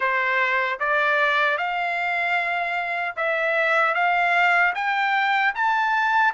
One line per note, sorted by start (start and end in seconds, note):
0.00 0.79 C5
0.79 1.57 D5
1.57 3.15 F5
3.16 3.94 E5
3.94 4.73 F5
4.74 5.53 G5
5.54 6.33 A5